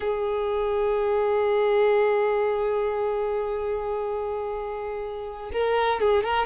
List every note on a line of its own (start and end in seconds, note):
0.00 5.51 G#4
5.52 6.00 A#4
6.00 6.23 G#4
6.23 6.46 A#4